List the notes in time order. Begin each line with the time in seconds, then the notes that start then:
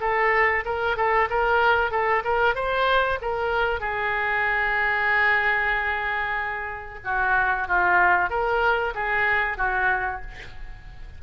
0.00 A4
0.65 A#4
0.96 A4
1.30 A#4
1.91 A4
2.24 A#4
2.55 C5
3.21 A#4
3.80 G#4
7.04 F#4
7.68 F4
8.29 A#4
8.94 G#4
9.57 F#4